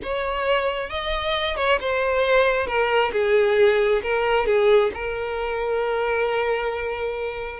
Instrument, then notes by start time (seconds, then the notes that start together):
violin
0.02 C#5
0.89 D#5
1.56 C#5
1.80 C5
2.66 A#4
3.12 G#4
4.02 A#4
4.46 G#4
4.94 A#4